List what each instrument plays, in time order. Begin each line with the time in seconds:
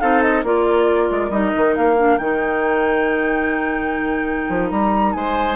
0.00 bassoon C4, clarinet D#4, oboe A4, flute F5
0.22 flute D#5
0.43 bassoon A#3, clarinet F4, oboe A#4, flute D5
1.11 bassoon G#3
1.30 bassoon G3, clarinet D#4, flute D#5
1.56 bassoon D#3
1.76 bassoon A#3, flute F5
1.97 clarinet D4
2.18 bassoon D#3, clarinet D#4, flute G5
4.49 bassoon F3
4.70 bassoon G3, flute A#5
5.13 bassoon G#3, oboe C5, flute G#5